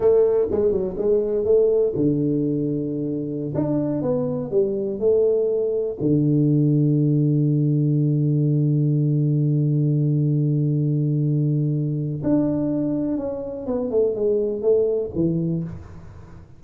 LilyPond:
\new Staff \with { instrumentName = "tuba" } { \time 4/4 \tempo 4 = 123 a4 gis8 fis8 gis4 a4 | d2.~ d16 d'8.~ | d'16 b4 g4 a4.~ a16~ | a16 d2.~ d8.~ |
d1~ | d1~ | d4 d'2 cis'4 | b8 a8 gis4 a4 e4 | }